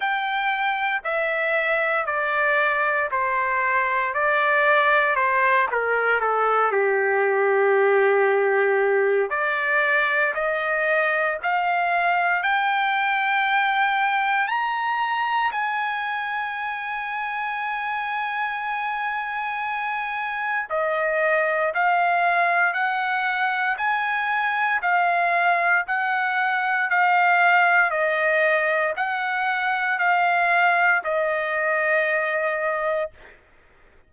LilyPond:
\new Staff \with { instrumentName = "trumpet" } { \time 4/4 \tempo 4 = 58 g''4 e''4 d''4 c''4 | d''4 c''8 ais'8 a'8 g'4.~ | g'4 d''4 dis''4 f''4 | g''2 ais''4 gis''4~ |
gis''1 | dis''4 f''4 fis''4 gis''4 | f''4 fis''4 f''4 dis''4 | fis''4 f''4 dis''2 | }